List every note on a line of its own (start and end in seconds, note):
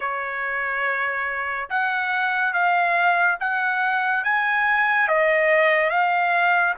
0.00 1.69 C#5
1.69 2.53 F#5
2.53 3.37 F5
3.40 4.24 F#5
4.24 5.07 G#5
5.07 5.90 D#5
5.90 6.74 F5